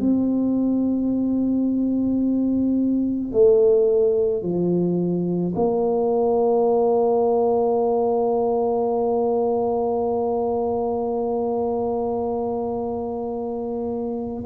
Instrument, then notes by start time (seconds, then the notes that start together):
tuba
0.00 C4
3.32 A3
4.42 F3
5.55 A#3